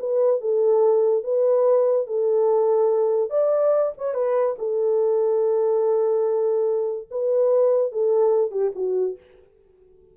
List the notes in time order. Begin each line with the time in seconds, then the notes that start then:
0.00 B4
0.41 A4
1.24 B4
2.07 A4
3.30 D5
3.98 C#5
4.14 B4
4.59 A4
7.11 B4
7.92 A4
8.51 G4
8.76 F#4